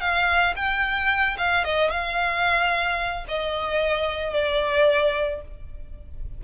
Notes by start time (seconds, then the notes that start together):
0.00 F5
0.56 G5
1.37 F5
1.64 D#5
1.90 F5
3.28 D#5
4.33 D5